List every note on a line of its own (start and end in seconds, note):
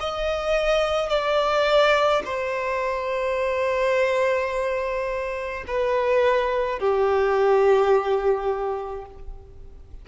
0.00 1.09 D#5
1.09 2.22 D5
2.25 5.64 C5
5.67 6.79 B4
6.79 9.06 G4